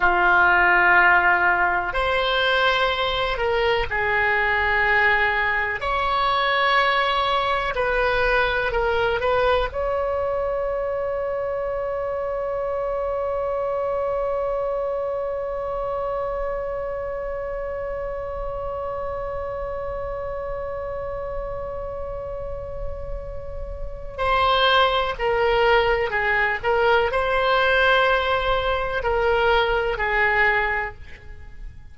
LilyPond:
\new Staff \with { instrumentName = "oboe" } { \time 4/4 \tempo 4 = 62 f'2 c''4. ais'8 | gis'2 cis''2 | b'4 ais'8 b'8 cis''2~ | cis''1~ |
cis''1~ | cis''1~ | cis''4 c''4 ais'4 gis'8 ais'8 | c''2 ais'4 gis'4 | }